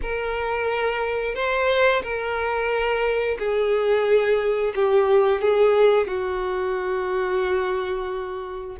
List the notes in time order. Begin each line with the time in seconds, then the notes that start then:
0.02 A#4
1.35 C5
2.02 A#4
3.38 G#4
4.75 G4
5.41 G#4
6.07 F#4